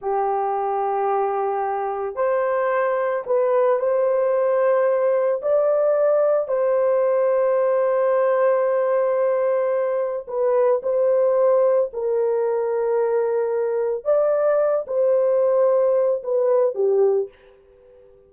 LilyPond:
\new Staff \with { instrumentName = "horn" } { \time 4/4 \tempo 4 = 111 g'1 | c''2 b'4 c''4~ | c''2 d''2 | c''1~ |
c''2. b'4 | c''2 ais'2~ | ais'2 d''4. c''8~ | c''2 b'4 g'4 | }